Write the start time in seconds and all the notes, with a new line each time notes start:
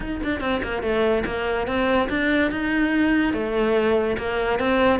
0.00 D#4
0.23 D4
0.40 C4
0.63 A#3
0.82 A3
1.25 A#3
1.67 C4
2.09 D4
2.51 D#4
3.33 A3
4.18 A#3
4.59 C4